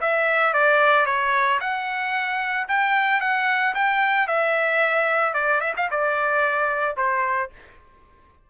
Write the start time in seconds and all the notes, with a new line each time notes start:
0.00 E5
0.53 D5
1.05 C#5
1.60 F#5
2.68 G5
3.20 F#5
3.74 G5
4.27 E5
5.34 D5
5.60 E5
5.76 F5
5.90 D5
6.96 C5